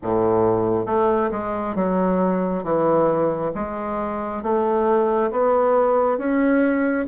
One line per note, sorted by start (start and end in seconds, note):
0.02 0.86 A2
0.86 1.30 A3
1.31 1.75 G#3
1.75 2.63 F#3
2.63 3.51 E3
3.54 4.42 G#3
4.42 5.31 A3
5.31 6.18 B3
6.18 7.06 C#4